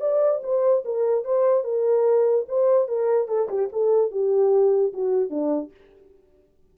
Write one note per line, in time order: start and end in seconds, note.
0.00 0.41 D5
0.43 0.84 C5
0.85 1.24 A#4
1.24 1.64 C5
1.64 2.46 A#4
2.48 2.88 C5
2.88 3.28 A#4
3.28 3.48 A4
3.49 3.69 G4
3.72 4.11 A4
4.11 4.93 G4
4.93 5.30 F#4
5.30 5.71 D4